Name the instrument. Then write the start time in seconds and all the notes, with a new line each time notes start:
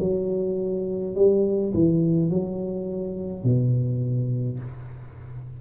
tuba
0.00 F#3
1.15 G3
1.74 E3
2.30 F#3
3.44 B2